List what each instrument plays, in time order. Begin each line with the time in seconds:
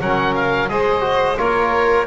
0.00 double bass F#3, trombone C#4, violin A#4, oboe F#5
0.35 oboe F5
0.69 double bass G#3, trombone G#4, violin C5, oboe D#5
1.01 trombone F#4
1.37 double bass A#3, trombone F4, violin A#4, oboe C#5